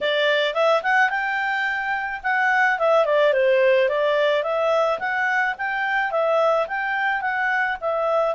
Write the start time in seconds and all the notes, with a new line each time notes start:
0.01 D5
0.54 E5
0.82 F#5
1.09 G5
2.23 F#5
2.79 E5
3.05 D5
3.33 C5
3.88 D5
4.43 E5
4.99 F#5
5.58 G5
6.11 E5
6.67 G5
7.21 F#5
7.81 E5